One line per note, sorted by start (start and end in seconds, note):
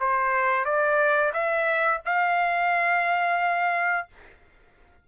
0.00 0.65 C5
0.65 1.32 D5
1.33 2.01 E5
2.05 4.08 F5